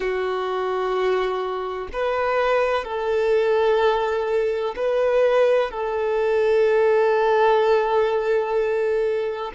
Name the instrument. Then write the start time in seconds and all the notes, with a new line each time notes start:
violin
0.00 F#4
1.93 B4
2.84 A4
4.76 B4
5.70 A4